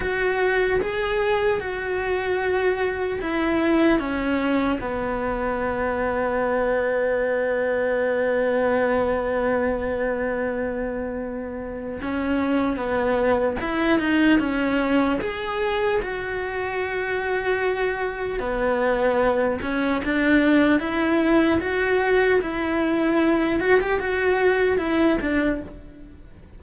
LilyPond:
\new Staff \with { instrumentName = "cello" } { \time 4/4 \tempo 4 = 75 fis'4 gis'4 fis'2 | e'4 cis'4 b2~ | b1~ | b2. cis'4 |
b4 e'8 dis'8 cis'4 gis'4 | fis'2. b4~ | b8 cis'8 d'4 e'4 fis'4 | e'4. fis'16 g'16 fis'4 e'8 d'8 | }